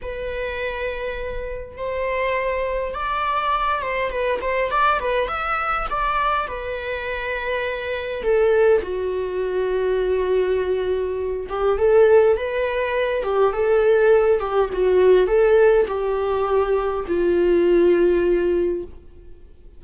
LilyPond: \new Staff \with { instrumentName = "viola" } { \time 4/4 \tempo 4 = 102 b'2. c''4~ | c''4 d''4. c''8 b'8 c''8 | d''8 b'8 e''4 d''4 b'4~ | b'2 a'4 fis'4~ |
fis'2.~ fis'8 g'8 | a'4 b'4. g'8 a'4~ | a'8 g'8 fis'4 a'4 g'4~ | g'4 f'2. | }